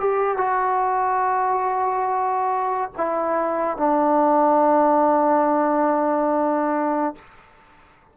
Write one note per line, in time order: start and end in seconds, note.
0.00 0.37 G4
0.37 2.91 F#4
2.97 3.77 E4
3.77 7.15 D4